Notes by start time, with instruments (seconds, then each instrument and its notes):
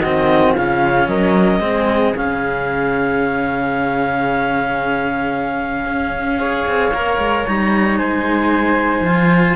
0.00 cello D#3 C4, flute F#4, clarinet D#5
0.54 cello C#3 C#4, flute F4, clarinet F5
1.08 cello F#3, flute A#4, clarinet D#5
1.60 cello G#3 C4, flute G#4
2.15 cello C#3 C#4, clarinet F5
5.86 cello C#4
6.39 cello G#4, flute C#5
6.68 cello C4
6.92 cello A#3 A#4
7.18 cello G#3
7.47 cello G3 D#4, clarinet A#5
7.98 cello G#3, flute C5, clarinet G#5
9.01 cello F3 F4